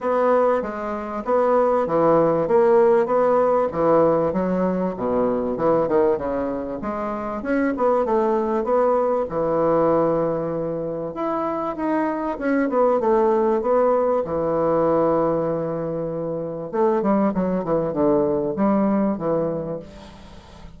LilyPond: \new Staff \with { instrumentName = "bassoon" } { \time 4/4 \tempo 4 = 97 b4 gis4 b4 e4 | ais4 b4 e4 fis4 | b,4 e8 dis8 cis4 gis4 | cis'8 b8 a4 b4 e4~ |
e2 e'4 dis'4 | cis'8 b8 a4 b4 e4~ | e2. a8 g8 | fis8 e8 d4 g4 e4 | }